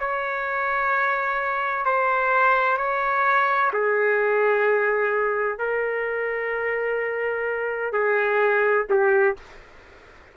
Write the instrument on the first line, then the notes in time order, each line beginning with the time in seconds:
trumpet
0.00 C#5
1.85 C5
2.77 C#5
3.73 G#4
5.58 A#4
7.93 G#4
8.90 G4